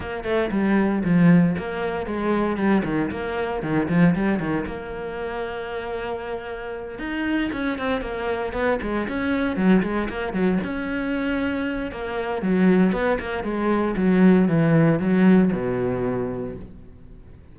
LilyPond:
\new Staff \with { instrumentName = "cello" } { \time 4/4 \tempo 4 = 116 ais8 a8 g4 f4 ais4 | gis4 g8 dis8 ais4 dis8 f8 | g8 dis8 ais2.~ | ais4. dis'4 cis'8 c'8 ais8~ |
ais8 b8 gis8 cis'4 fis8 gis8 ais8 | fis8 cis'2~ cis'8 ais4 | fis4 b8 ais8 gis4 fis4 | e4 fis4 b,2 | }